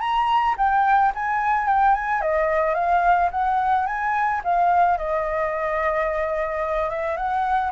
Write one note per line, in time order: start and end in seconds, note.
0.00 0.55 A#5
0.57 1.12 G5
1.15 1.68 G#5
1.68 1.94 G5
1.94 2.21 G#5
2.21 2.74 D#5
2.74 3.29 F5
3.31 3.86 F#5
3.86 4.41 G#5
4.44 4.97 F5
4.97 6.90 D#5
6.90 7.17 E5
7.17 7.72 F#5